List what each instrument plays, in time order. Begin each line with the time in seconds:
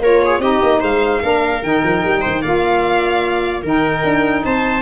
0.00 tuba A#3, saxophone F4, viola A#4, violin C#5
0.26 viola G#4
0.39 tuba C4, saxophone D#4, viola G4, violin D#5
0.63 tuba A#3
0.80 tuba G#3, viola C5, violin F5
1.22 tuba A#3, saxophone D4, viola A#4
1.63 tuba D#3, saxophone D#4, violin G5
1.84 tuba F3
2.05 tuba G3
2.22 tuba D#3, viola C5
2.42 tuba A#3, saxophone F4, viola D5, violin F5
3.63 tuba D#3, saxophone D#4, viola A#4, violin G5
4.04 tuba D4
4.45 tuba C4, viola C5, violin A5